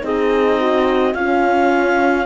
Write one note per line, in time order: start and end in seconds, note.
0.00 1.15 C4
0.00 1.13 D#4
0.00 0.60 G#4
0.00 1.14 D#5
0.60 1.16 F#4
1.14 2.26 C#4
1.14 2.26 F4
1.14 2.26 F5